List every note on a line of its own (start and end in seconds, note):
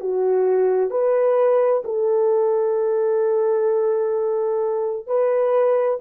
0.00 0.91 F#4
0.91 1.83 B4
1.84 5.07 A4
5.07 5.99 B4